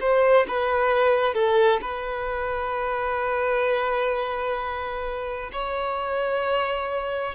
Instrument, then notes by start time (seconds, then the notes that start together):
violin
0.00 C5
0.47 B4
1.34 A4
1.81 B4
5.53 C#5